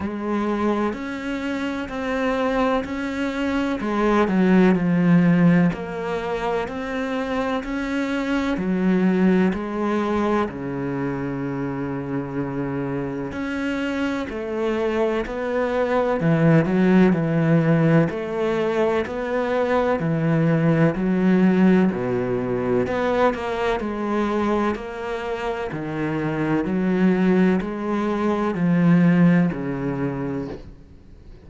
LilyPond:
\new Staff \with { instrumentName = "cello" } { \time 4/4 \tempo 4 = 63 gis4 cis'4 c'4 cis'4 | gis8 fis8 f4 ais4 c'4 | cis'4 fis4 gis4 cis4~ | cis2 cis'4 a4 |
b4 e8 fis8 e4 a4 | b4 e4 fis4 b,4 | b8 ais8 gis4 ais4 dis4 | fis4 gis4 f4 cis4 | }